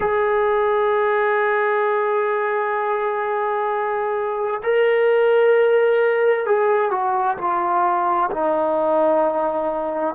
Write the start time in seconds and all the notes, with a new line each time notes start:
0.00 G#4
4.63 A#4
6.46 G#4
6.91 F#4
7.37 F4
8.30 D#4